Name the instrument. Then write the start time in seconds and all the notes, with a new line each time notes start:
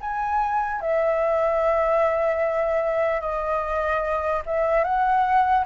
flute
0.00 G#5
0.81 E5
3.21 D#5
4.46 E5
4.84 F#5